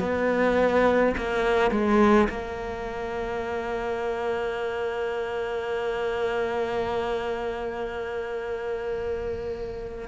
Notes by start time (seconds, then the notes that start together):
0.00 B3
1.18 A#3
1.71 G#3
2.30 A#3